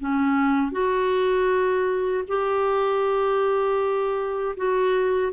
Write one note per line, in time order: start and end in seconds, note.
0.00 0.72 C#4
0.72 2.24 F#4
2.28 4.56 G4
4.57 5.33 F#4